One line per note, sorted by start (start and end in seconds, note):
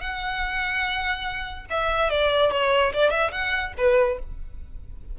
0.00 1.66 F#5
1.70 2.10 E5
2.10 2.51 D5
2.51 2.92 C#5
2.93 3.10 D5
3.10 3.31 E5
3.31 3.73 F#5
3.77 4.18 B4